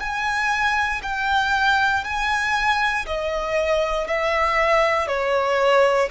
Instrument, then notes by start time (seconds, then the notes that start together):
violin
0.00 G#5
1.03 G5
2.04 G#5
3.06 D#5
4.07 E5
5.08 C#5